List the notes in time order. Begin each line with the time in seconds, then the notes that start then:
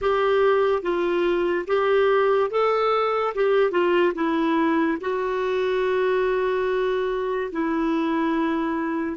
0.01 G4
0.82 F4
1.67 G4
2.50 A4
3.34 G4
3.71 F4
4.14 E4
5.00 F#4
7.52 E4